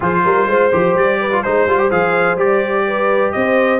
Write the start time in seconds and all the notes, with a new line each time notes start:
0.00 F3 F4 G#4 C5
0.24 G3 A#4
0.46 G#3 C5
0.72 F3 G4
0.94 G3 D5
1.21 B4
1.32 F4
1.42 G#3 D#4 C5
1.66 G3 F4
1.78 G4
1.91 F3 G#4 F5
2.35 G3 G4 D5
2.87 B4
3.32 C4 C5 D#5